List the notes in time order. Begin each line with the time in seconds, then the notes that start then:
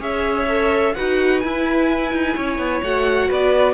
0.00 C#4 G#4 C#5 E5
0.49 A4
0.95 D#4 F#4 B4 F#5
1.40 E4 G#5
2.13 D#4
2.36 C#4 C#5
2.58 B3
2.83 A3 F#4 F#5
3.29 B3 B4 D5